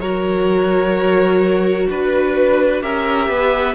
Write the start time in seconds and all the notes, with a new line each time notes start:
0.00 F#3 F#4 A#4 C#5
1.90 D4 B4
2.82 C#4 G4 A#4 E5
3.29 B3 B4